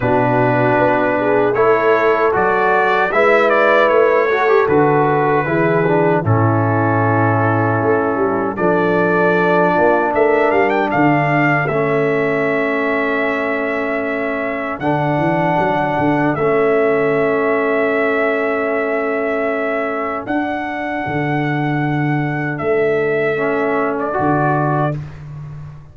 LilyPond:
<<
  \new Staff \with { instrumentName = "trumpet" } { \time 4/4 \tempo 4 = 77 b'2 cis''4 d''4 | e''8 d''8 cis''4 b'2 | a'2. d''4~ | d''4 e''8 f''16 g''16 f''4 e''4~ |
e''2. fis''4~ | fis''4 e''2.~ | e''2 fis''2~ | fis''4 e''4.~ e''16 d''4~ d''16 | }
  \new Staff \with { instrumentName = "horn" } { \time 4/4 fis'4. gis'8 a'2 | b'4. a'4. gis'4 | e'2. a'4~ | a'8 f'8 ais'4 a'2~ |
a'1~ | a'1~ | a'1~ | a'1 | }
  \new Staff \with { instrumentName = "trombone" } { \time 4/4 d'2 e'4 fis'4 | e'4. fis'16 g'16 fis'4 e'8 d'8 | cis'2. d'4~ | d'2. cis'4~ |
cis'2. d'4~ | d'4 cis'2.~ | cis'2 d'2~ | d'2 cis'4 fis'4 | }
  \new Staff \with { instrumentName = "tuba" } { \time 4/4 b,4 b4 a4 fis4 | gis4 a4 d4 e4 | a,2 a8 g8 f4~ | f8 ais8 a8 g8 d4 a4~ |
a2. d8 e8 | fis8 d8 a2.~ | a2 d'4 d4~ | d4 a2 d4 | }
>>